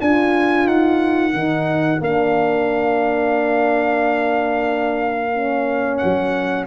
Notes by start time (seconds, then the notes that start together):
0.00 D4 F4 A#4 G#5
0.67 D#4 F#5
1.33 D#3 D#4
2.00 A#3 D4 F5
5.34 C#4
5.98 F#3 F#5